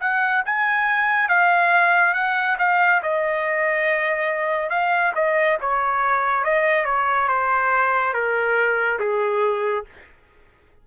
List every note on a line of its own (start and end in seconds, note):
0.00 0.43 F#5
0.46 1.29 G#5
1.29 2.14 F5
2.14 2.57 F#5
2.59 3.02 F5
3.02 4.69 D#5
4.69 5.13 F5
5.15 5.58 D#5
5.61 6.44 C#5
6.44 6.85 D#5
6.85 7.28 C#5
7.28 8.13 C5
8.13 8.99 A#4
8.99 9.85 G#4